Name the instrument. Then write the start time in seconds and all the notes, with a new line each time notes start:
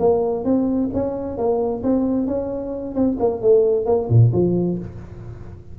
tuba
0.00 A#3
0.45 C4
0.94 C#4
1.38 A#3
1.83 C4
2.27 C#4
2.95 C4
3.20 A#3
3.42 A3
3.86 A#3
4.10 A#2
4.33 F3